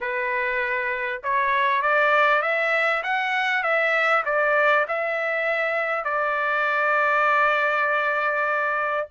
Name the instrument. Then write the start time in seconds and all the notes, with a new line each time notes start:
trumpet
0.00 B4
1.23 C#5
1.82 D5
2.42 E5
3.03 F#5
3.63 E5
4.25 D5
4.88 E5
6.04 D5